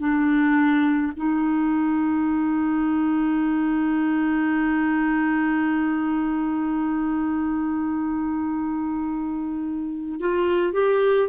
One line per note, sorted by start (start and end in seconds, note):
0.00 1.13 D4
1.17 10.20 D#4
10.20 10.73 F4
10.73 11.30 G4